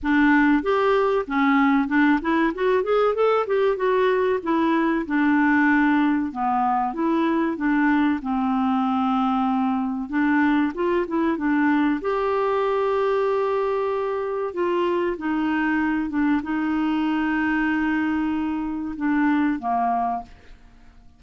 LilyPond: \new Staff \with { instrumentName = "clarinet" } { \time 4/4 \tempo 4 = 95 d'4 g'4 cis'4 d'8 e'8 | fis'8 gis'8 a'8 g'8 fis'4 e'4 | d'2 b4 e'4 | d'4 c'2. |
d'4 f'8 e'8 d'4 g'4~ | g'2. f'4 | dis'4. d'8 dis'2~ | dis'2 d'4 ais4 | }